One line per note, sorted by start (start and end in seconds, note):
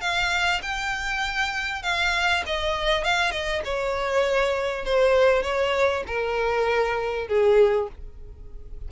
0.00 0.61 F5
0.62 1.82 G5
1.82 2.43 F5
2.46 3.04 D#5
3.04 3.31 F5
3.31 3.61 D#5
3.64 4.85 C#5
4.85 5.42 C5
5.42 6.03 C#5
6.07 7.27 A#4
7.27 7.88 G#4